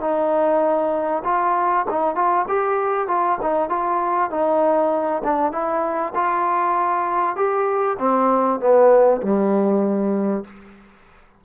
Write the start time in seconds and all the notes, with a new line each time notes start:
0.00 D#4
1.24 F4
1.90 D#4
2.15 F4
2.48 G4
3.08 F4
3.42 D#4
3.69 F4
4.30 D#4
5.24 D4
5.52 E4
6.15 F4
7.36 G4
7.98 C4
8.60 B3
9.22 G3